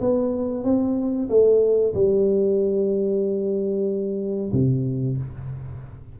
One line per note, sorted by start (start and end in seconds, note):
0.00 0.64 B3
0.64 1.28 C4
1.29 1.94 A3
1.94 4.52 G3
4.52 5.17 C3